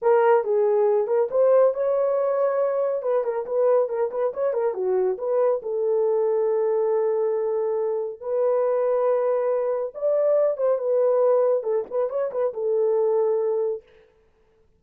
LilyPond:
\new Staff \with { instrumentName = "horn" } { \time 4/4 \tempo 4 = 139 ais'4 gis'4. ais'8 c''4 | cis''2. b'8 ais'8 | b'4 ais'8 b'8 cis''8 ais'8 fis'4 | b'4 a'2.~ |
a'2. b'4~ | b'2. d''4~ | d''8 c''8 b'2 a'8 b'8 | cis''8 b'8 a'2. | }